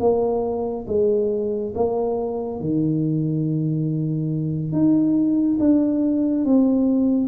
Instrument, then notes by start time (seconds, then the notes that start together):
tuba
0.00 A#3
0.88 G#3
1.75 A#3
2.60 D#3
4.72 D#4
5.59 D4
6.45 C4